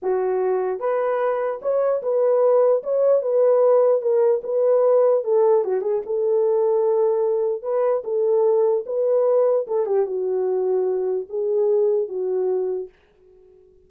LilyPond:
\new Staff \with { instrumentName = "horn" } { \time 4/4 \tempo 4 = 149 fis'2 b'2 | cis''4 b'2 cis''4 | b'2 ais'4 b'4~ | b'4 a'4 fis'8 gis'8 a'4~ |
a'2. b'4 | a'2 b'2 | a'8 g'8 fis'2. | gis'2 fis'2 | }